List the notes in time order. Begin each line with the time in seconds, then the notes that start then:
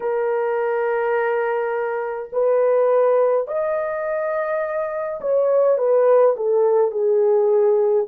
0.00 A#4
2.32 B4
3.47 D#5
5.20 C#5
5.77 B4
6.36 A4
6.91 G#4